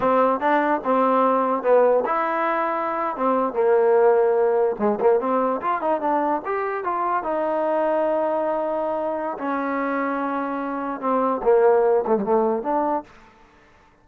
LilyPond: \new Staff \with { instrumentName = "trombone" } { \time 4/4 \tempo 4 = 147 c'4 d'4 c'2 | b4 e'2~ e'8. c'16~ | c'8. ais2. gis16~ | gis16 ais8 c'4 f'8 dis'8 d'4 g'16~ |
g'8. f'4 dis'2~ dis'16~ | dis'2. cis'4~ | cis'2. c'4 | ais4. a16 g16 a4 d'4 | }